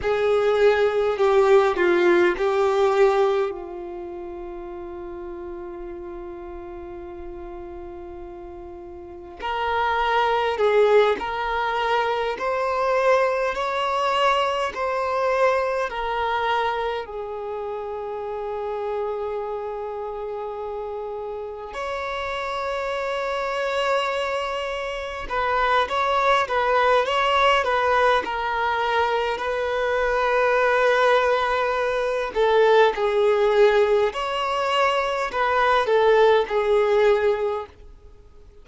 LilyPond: \new Staff \with { instrumentName = "violin" } { \time 4/4 \tempo 4 = 51 gis'4 g'8 f'8 g'4 f'4~ | f'1 | ais'4 gis'8 ais'4 c''4 cis''8~ | cis''8 c''4 ais'4 gis'4.~ |
gis'2~ gis'8 cis''4.~ | cis''4. b'8 cis''8 b'8 cis''8 b'8 | ais'4 b'2~ b'8 a'8 | gis'4 cis''4 b'8 a'8 gis'4 | }